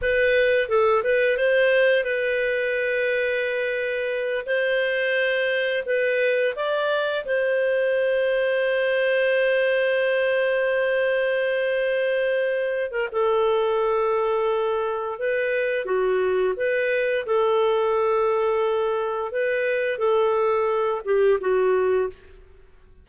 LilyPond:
\new Staff \with { instrumentName = "clarinet" } { \time 4/4 \tempo 4 = 87 b'4 a'8 b'8 c''4 b'4~ | b'2~ b'8 c''4.~ | c''8 b'4 d''4 c''4.~ | c''1~ |
c''2~ c''8. ais'16 a'4~ | a'2 b'4 fis'4 | b'4 a'2. | b'4 a'4. g'8 fis'4 | }